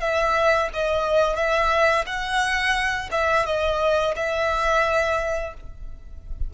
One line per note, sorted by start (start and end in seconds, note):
0.00 0.69 E5
0.73 1.36 D#5
1.36 2.05 E5
2.06 3.09 F#5
3.11 3.45 E5
3.45 4.14 D#5
4.16 5.54 E5